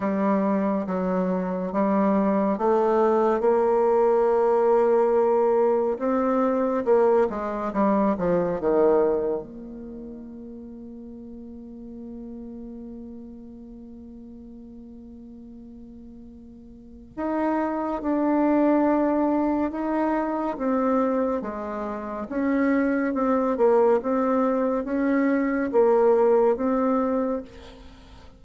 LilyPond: \new Staff \with { instrumentName = "bassoon" } { \time 4/4 \tempo 4 = 70 g4 fis4 g4 a4 | ais2. c'4 | ais8 gis8 g8 f8 dis4 ais4~ | ais1~ |
ais1 | dis'4 d'2 dis'4 | c'4 gis4 cis'4 c'8 ais8 | c'4 cis'4 ais4 c'4 | }